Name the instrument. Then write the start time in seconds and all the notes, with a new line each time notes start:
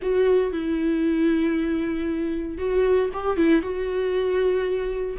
viola
0.02 F#4
0.52 E4
2.57 F#4
3.13 G4
3.36 E4
3.62 F#4